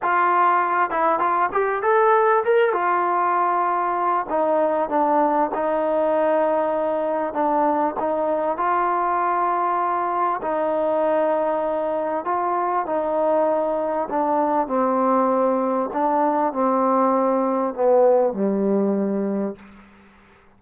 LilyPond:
\new Staff \with { instrumentName = "trombone" } { \time 4/4 \tempo 4 = 98 f'4. e'8 f'8 g'8 a'4 | ais'8 f'2~ f'8 dis'4 | d'4 dis'2. | d'4 dis'4 f'2~ |
f'4 dis'2. | f'4 dis'2 d'4 | c'2 d'4 c'4~ | c'4 b4 g2 | }